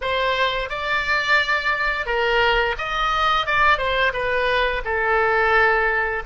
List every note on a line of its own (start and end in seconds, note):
0.01 0.69 C5
0.69 2.06 D5
2.06 2.75 A#4
2.77 3.46 D#5
3.46 3.77 D5
3.77 4.12 C5
4.13 4.82 B4
4.84 6.22 A4